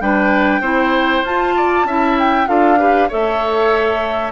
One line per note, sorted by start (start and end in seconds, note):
0.00 0.60 G3
0.00 0.62 D4
0.00 0.61 B4
0.00 1.24 G5
0.60 1.22 C4
0.60 1.24 E4
0.60 1.53 C5
1.22 1.84 F4
1.22 1.86 F4
1.22 2.18 A5
1.56 1.86 D5
1.84 2.46 C#4
1.84 2.46 E4
1.84 2.48 E5
2.18 2.47 G5
2.46 3.10 D4
2.46 2.77 F4
2.46 2.78 A4
2.46 3.09 F5
2.78 3.09 G4
2.78 3.08 B4
3.08 4.31 A3
3.08 4.31 A4
3.08 4.31 C#5
3.08 4.31 E5